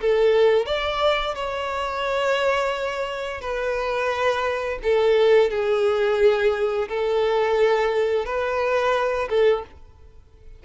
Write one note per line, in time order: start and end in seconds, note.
0.00 0.66 A4
0.66 1.34 D5
1.35 3.41 C#5
3.41 4.79 B4
4.83 5.50 A4
5.50 6.88 G#4
6.88 8.25 A4
8.25 9.28 B4
9.29 9.64 A4